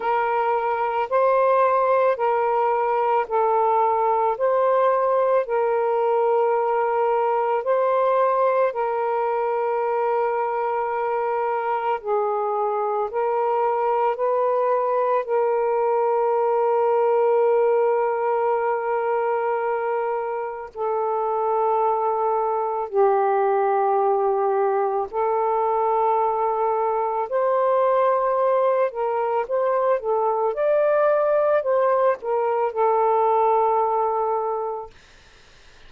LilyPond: \new Staff \with { instrumentName = "saxophone" } { \time 4/4 \tempo 4 = 55 ais'4 c''4 ais'4 a'4 | c''4 ais'2 c''4 | ais'2. gis'4 | ais'4 b'4 ais'2~ |
ais'2. a'4~ | a'4 g'2 a'4~ | a'4 c''4. ais'8 c''8 a'8 | d''4 c''8 ais'8 a'2 | }